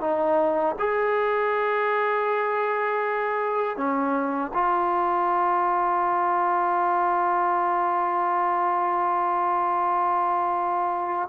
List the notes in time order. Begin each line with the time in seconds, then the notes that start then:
0.00 D#4
0.78 G#4
3.76 C#4
4.53 F4